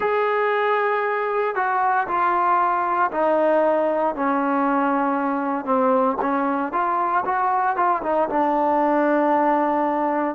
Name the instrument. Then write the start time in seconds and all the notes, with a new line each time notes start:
trombone
0.00 G#4
1.55 F#4
2.07 F4
3.11 D#4
4.15 C#4
5.65 C4
6.21 C#4
6.72 F4
7.25 F#4
7.76 F4
8.03 D#4
8.29 D4